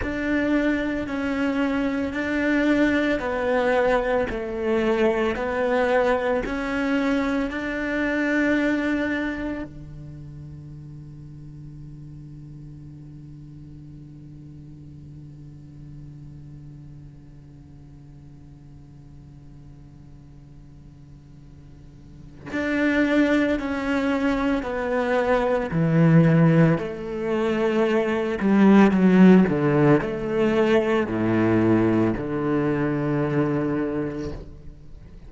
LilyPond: \new Staff \with { instrumentName = "cello" } { \time 4/4 \tempo 4 = 56 d'4 cis'4 d'4 b4 | a4 b4 cis'4 d'4~ | d'4 d2.~ | d1~ |
d1~ | d4 d'4 cis'4 b4 | e4 a4. g8 fis8 d8 | a4 a,4 d2 | }